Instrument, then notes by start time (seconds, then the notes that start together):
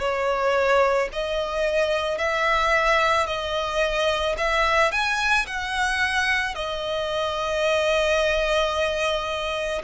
violin
0.00 C#5
1.13 D#5
2.18 E5
3.27 D#5
4.38 E5
4.92 G#5
5.47 F#5
6.55 D#5